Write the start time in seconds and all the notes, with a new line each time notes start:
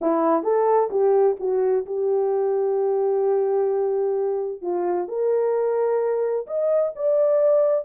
0.01 E4
0.43 A4
0.90 G4
1.39 F#4
1.86 G4
4.61 F4
5.08 A#4
6.46 D#5
6.95 D5